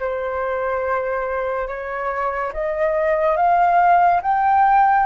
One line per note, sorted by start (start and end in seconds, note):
0.00 1.68 C5
1.68 2.53 C#5
2.54 3.37 D#5
3.37 4.21 F5
4.22 5.07 G5